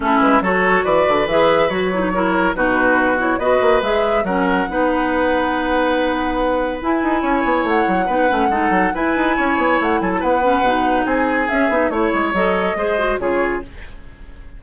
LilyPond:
<<
  \new Staff \with { instrumentName = "flute" } { \time 4/4 \tempo 4 = 141 a'8 b'8 cis''4 d''4 e''4 | cis''2 b'4. cis''8 | dis''4 e''4 fis''2~ | fis''1 |
gis''2 fis''2~ | fis''4 gis''2 fis''8 gis''16 a''16 | fis''2 gis''4 e''4 | cis''4 dis''2 cis''4 | }
  \new Staff \with { instrumentName = "oboe" } { \time 4/4 e'4 a'4 b'2~ | b'4 ais'4 fis'2 | b'2 ais'4 b'4~ | b'1~ |
b'4 cis''2 b'4 | a'4 b'4 cis''4. a'8 | b'2 gis'2 | cis''2 c''4 gis'4 | }
  \new Staff \with { instrumentName = "clarinet" } { \time 4/4 cis'4 fis'2 gis'4 | fis'8 e'16 dis'16 e'4 dis'4. e'8 | fis'4 gis'4 cis'4 dis'4~ | dis'1 |
e'2. dis'8 cis'8 | dis'4 e'2.~ | e'8 cis'8 dis'2 cis'8 dis'8 | e'4 a'4 gis'8 fis'8 f'4 | }
  \new Staff \with { instrumentName = "bassoon" } { \time 4/4 a8 gis8 fis4 e8 d8 e4 | fis2 b,2 | b8 ais8 gis4 fis4 b4~ | b1 |
e'8 dis'8 cis'8 b8 a8 fis8 b8 a8 | gis8 fis8 e'8 dis'8 cis'8 b8 a8 fis8 | b4 b,4 c'4 cis'8 b8 | a8 gis8 fis4 gis4 cis4 | }
>>